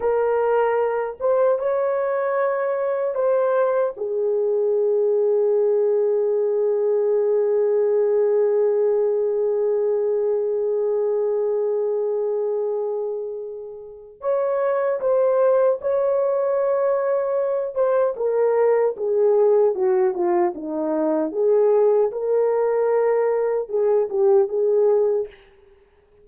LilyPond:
\new Staff \with { instrumentName = "horn" } { \time 4/4 \tempo 4 = 76 ais'4. c''8 cis''2 | c''4 gis'2.~ | gis'1~ | gis'1~ |
gis'2 cis''4 c''4 | cis''2~ cis''8 c''8 ais'4 | gis'4 fis'8 f'8 dis'4 gis'4 | ais'2 gis'8 g'8 gis'4 | }